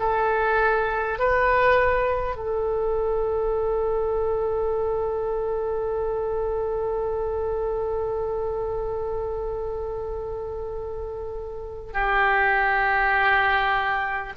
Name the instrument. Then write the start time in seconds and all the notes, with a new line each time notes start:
oboe
0.00 A4
1.19 B4
2.36 A4
11.93 G4